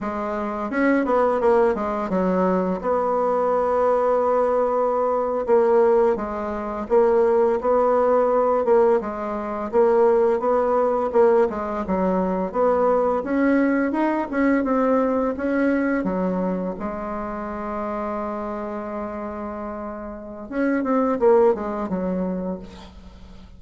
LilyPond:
\new Staff \with { instrumentName = "bassoon" } { \time 4/4 \tempo 4 = 85 gis4 cis'8 b8 ais8 gis8 fis4 | b2.~ b8. ais16~ | ais8. gis4 ais4 b4~ b16~ | b16 ais8 gis4 ais4 b4 ais16~ |
ais16 gis8 fis4 b4 cis'4 dis'16~ | dis'16 cis'8 c'4 cis'4 fis4 gis16~ | gis1~ | gis4 cis'8 c'8 ais8 gis8 fis4 | }